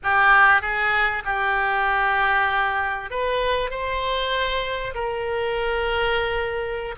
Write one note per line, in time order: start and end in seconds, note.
0.03 0.61 G4
0.61 1.23 G#4
1.24 3.10 G4
3.10 3.70 B4
3.70 4.94 C5
4.94 6.95 A#4